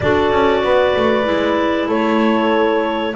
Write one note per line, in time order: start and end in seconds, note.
0.00 0.31 D4
0.00 1.24 F#4
0.00 0.64 A4
0.00 1.89 D5
0.31 0.62 C#4
0.63 0.95 B3
0.63 1.87 B4
0.96 1.27 A3
1.24 1.88 G#3
1.24 3.13 E4
1.87 3.15 A3
1.87 3.13 A4
1.87 3.15 C#5